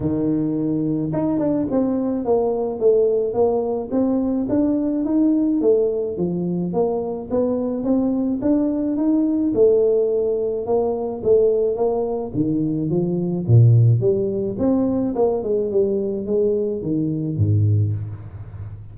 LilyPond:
\new Staff \with { instrumentName = "tuba" } { \time 4/4 \tempo 4 = 107 dis2 dis'8 d'8 c'4 | ais4 a4 ais4 c'4 | d'4 dis'4 a4 f4 | ais4 b4 c'4 d'4 |
dis'4 a2 ais4 | a4 ais4 dis4 f4 | ais,4 g4 c'4 ais8 gis8 | g4 gis4 dis4 gis,4 | }